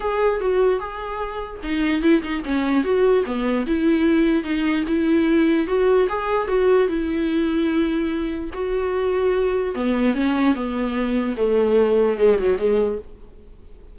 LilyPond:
\new Staff \with { instrumentName = "viola" } { \time 4/4 \tempo 4 = 148 gis'4 fis'4 gis'2 | dis'4 e'8 dis'8 cis'4 fis'4 | b4 e'2 dis'4 | e'2 fis'4 gis'4 |
fis'4 e'2.~ | e'4 fis'2. | b4 cis'4 b2 | a2 gis8 fis8 gis4 | }